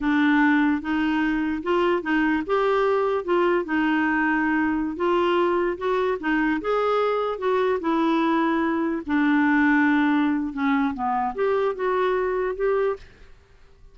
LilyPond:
\new Staff \with { instrumentName = "clarinet" } { \time 4/4 \tempo 4 = 148 d'2 dis'2 | f'4 dis'4 g'2 | f'4 dis'2.~ | dis'16 f'2 fis'4 dis'8.~ |
dis'16 gis'2 fis'4 e'8.~ | e'2~ e'16 d'4.~ d'16~ | d'2 cis'4 b4 | g'4 fis'2 g'4 | }